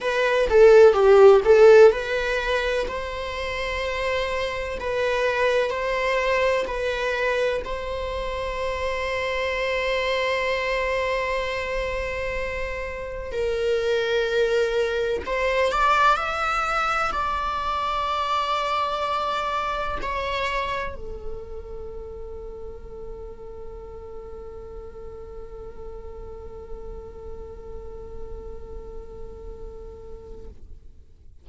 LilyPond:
\new Staff \with { instrumentName = "viola" } { \time 4/4 \tempo 4 = 63 b'8 a'8 g'8 a'8 b'4 c''4~ | c''4 b'4 c''4 b'4 | c''1~ | c''2 ais'2 |
c''8 d''8 e''4 d''2~ | d''4 cis''4 a'2~ | a'1~ | a'1 | }